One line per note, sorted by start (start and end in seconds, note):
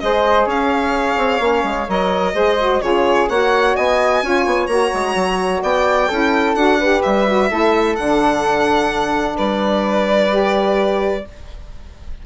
0.00 0.46 G#3
0.00 1.40 G#4
0.00 0.46 C5
0.00 0.47 D#5
0.46 1.17 C#4
0.46 2.33 C#5
0.46 1.90 F5
1.17 1.40 C4
1.40 1.63 A#3
1.40 1.87 C#4
1.64 1.87 G#3
1.88 2.34 F#3
1.88 2.34 A#4
1.88 2.82 D#5
2.34 2.81 G#3
2.34 2.58 G#4
2.34 2.82 C5
2.59 2.81 F#4
2.81 3.29 C#3
2.81 3.28 F4
2.81 3.30 G#4
2.81 3.29 C#5
3.29 3.76 A#3
3.29 4.23 F#4
3.29 3.76 C#5
3.29 3.76 F#5
3.76 4.23 B3
3.76 4.23 D#5
3.76 4.67 G#5
4.23 4.46 C#4
4.23 4.69 F4
4.23 5.63 C#5
4.46 4.67 B3
4.67 4.91 A#3
4.67 6.09 F#4
4.67 5.60 A#5
4.94 5.15 G#3
5.15 5.62 F#3
5.63 6.10 B3
5.63 6.08 D5
5.63 6.55 G5
6.08 6.55 C#4
6.08 6.57 E4
6.08 6.79 A4
6.55 7.02 D4
6.55 6.80 F#4
6.55 7.02 F#5
6.79 7.27 G4
6.79 7.50 B4
7.02 7.51 G3
7.02 7.96 E5
7.27 7.50 F#4
7.50 7.98 A3
7.50 7.96 E4
7.50 9.36 A4
7.96 9.38 D3
7.96 10.30 D4
7.96 9.37 F#5
9.36 11.26 G3
9.36 11.24 B4
9.36 11.25 D5
10.30 11.24 G4